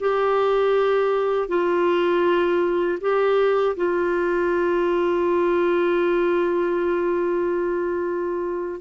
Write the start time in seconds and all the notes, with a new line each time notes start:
0.00 G4
1.49 F4
3.01 G4
3.77 F4